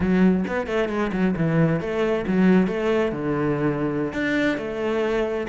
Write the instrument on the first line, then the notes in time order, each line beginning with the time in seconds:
cello
0.00 F#3
0.47 B3
0.66 A3
0.89 G#3
1.12 F#3
1.36 E3
1.80 A3
2.27 F#3
2.67 A3
3.11 D3
4.12 D4
4.57 A3